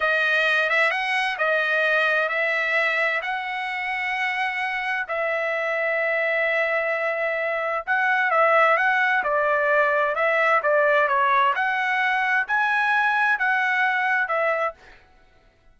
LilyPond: \new Staff \with { instrumentName = "trumpet" } { \time 4/4 \tempo 4 = 130 dis''4. e''8 fis''4 dis''4~ | dis''4 e''2 fis''4~ | fis''2. e''4~ | e''1~ |
e''4 fis''4 e''4 fis''4 | d''2 e''4 d''4 | cis''4 fis''2 gis''4~ | gis''4 fis''2 e''4 | }